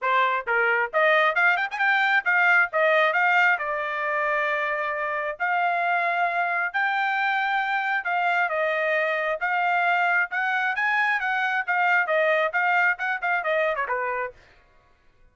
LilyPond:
\new Staff \with { instrumentName = "trumpet" } { \time 4/4 \tempo 4 = 134 c''4 ais'4 dis''4 f''8 g''16 gis''16 | g''4 f''4 dis''4 f''4 | d''1 | f''2. g''4~ |
g''2 f''4 dis''4~ | dis''4 f''2 fis''4 | gis''4 fis''4 f''4 dis''4 | f''4 fis''8 f''8 dis''8. cis''16 b'4 | }